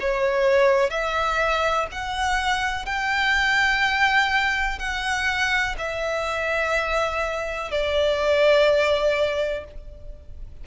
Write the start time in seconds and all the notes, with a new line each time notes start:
0.00 C#5
0.90 E5
1.92 F#5
2.86 G5
4.79 F#5
5.78 E5
7.72 D5